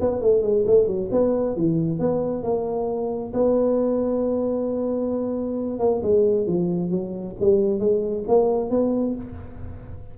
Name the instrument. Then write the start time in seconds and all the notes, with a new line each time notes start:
tuba
0.00 B3
0.21 A3
0.42 G#3
0.67 A3
0.87 F#3
1.11 B3
1.56 E3
1.99 B3
2.43 A#3
3.33 B3
5.79 A#3
6.02 G#3
6.46 F3
6.91 F#3
7.40 G3
7.80 G#3
8.28 A#3
8.70 B3